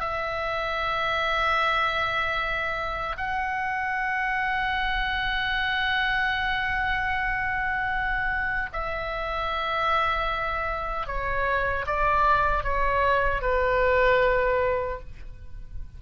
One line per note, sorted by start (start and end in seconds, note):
0.00 3.16 E5
3.17 8.69 F#5
8.72 11.07 E5
11.07 11.86 C#5
11.86 12.64 D5
12.64 13.41 C#5
13.41 14.99 B4